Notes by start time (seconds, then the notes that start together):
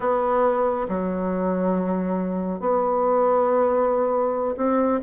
0.00 B3
0.88 F#3
2.60 B3
4.57 C4